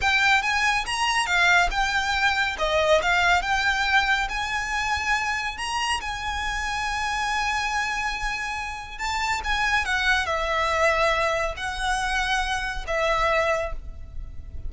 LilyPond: \new Staff \with { instrumentName = "violin" } { \time 4/4 \tempo 4 = 140 g''4 gis''4 ais''4 f''4 | g''2 dis''4 f''4 | g''2 gis''2~ | gis''4 ais''4 gis''2~ |
gis''1~ | gis''4 a''4 gis''4 fis''4 | e''2. fis''4~ | fis''2 e''2 | }